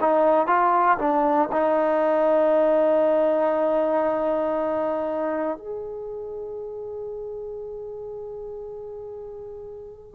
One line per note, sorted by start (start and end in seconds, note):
0.00 0.47 D#4
0.47 0.98 F4
0.98 1.49 D4
1.51 5.57 D#4
5.57 10.15 G#4